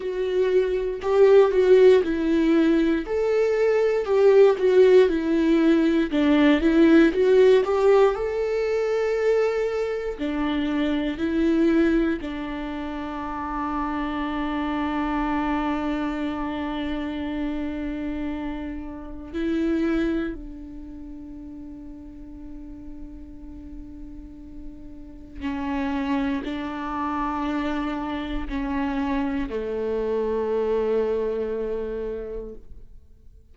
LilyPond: \new Staff \with { instrumentName = "viola" } { \time 4/4 \tempo 4 = 59 fis'4 g'8 fis'8 e'4 a'4 | g'8 fis'8 e'4 d'8 e'8 fis'8 g'8 | a'2 d'4 e'4 | d'1~ |
d'2. e'4 | d'1~ | d'4 cis'4 d'2 | cis'4 a2. | }